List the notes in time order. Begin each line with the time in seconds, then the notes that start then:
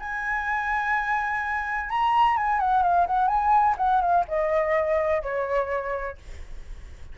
0.00 G#5
1.90 A#5
2.37 G#5
2.60 F#5
2.83 F5
3.07 F#5
3.28 G#5
3.78 F#5
4.02 F5
4.28 D#5
5.23 C#5